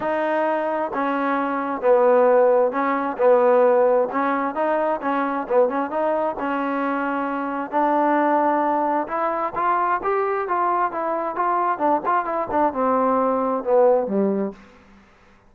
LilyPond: \new Staff \with { instrumentName = "trombone" } { \time 4/4 \tempo 4 = 132 dis'2 cis'2 | b2 cis'4 b4~ | b4 cis'4 dis'4 cis'4 | b8 cis'8 dis'4 cis'2~ |
cis'4 d'2. | e'4 f'4 g'4 f'4 | e'4 f'4 d'8 f'8 e'8 d'8 | c'2 b4 g4 | }